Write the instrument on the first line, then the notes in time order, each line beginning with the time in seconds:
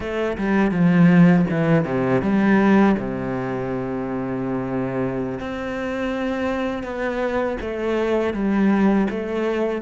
cello
0.00 A3
0.37 G3
0.71 F3
1.49 E3
1.85 C3
2.21 G3
2.98 C3
5.39 C4
6.83 B3
7.61 A3
8.33 G3
9.10 A3